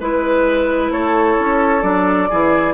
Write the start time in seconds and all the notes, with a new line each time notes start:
0.00 G#3 E4 B4
0.91 A3 A4 C#5
1.40 C#4
1.82 F#3 D4 D5
2.29 E3 E4 G#4